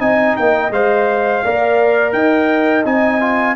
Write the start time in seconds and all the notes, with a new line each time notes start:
0.00 C4 D#4 D#5 G#5
0.37 A#3 G5
0.70 G#3 C5 F5
1.44 A#3 A#4 D5
2.13 D#4 D#5 G5
2.85 C4 D#4 G#5
3.21 F4